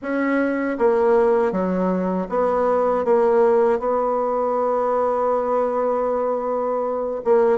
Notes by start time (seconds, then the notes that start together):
0.01 C#4
0.78 A#3
1.52 F#3
2.29 B3
3.04 A#3
3.79 B3
7.24 A#3